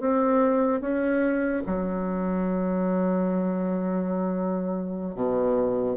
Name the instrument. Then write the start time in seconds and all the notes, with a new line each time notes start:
bassoon
0.00 C4
0.81 C#4
1.67 F#3
5.15 B2